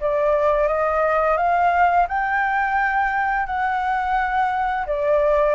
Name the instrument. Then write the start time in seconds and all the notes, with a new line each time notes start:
flute
0.00 D5
0.67 D#5
1.37 F5
2.08 G5
3.46 F#5
4.86 D5